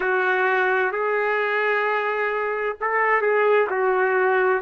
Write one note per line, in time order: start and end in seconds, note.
0.00 0.91 F#4
0.91 2.76 G#4
2.80 3.21 A4
3.21 3.67 G#4
3.70 4.61 F#4